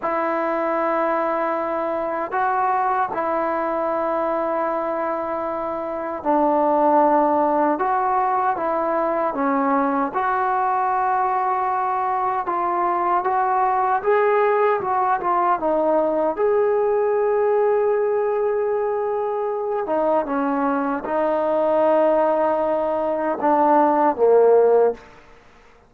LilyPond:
\new Staff \with { instrumentName = "trombone" } { \time 4/4 \tempo 4 = 77 e'2. fis'4 | e'1 | d'2 fis'4 e'4 | cis'4 fis'2. |
f'4 fis'4 gis'4 fis'8 f'8 | dis'4 gis'2.~ | gis'4. dis'8 cis'4 dis'4~ | dis'2 d'4 ais4 | }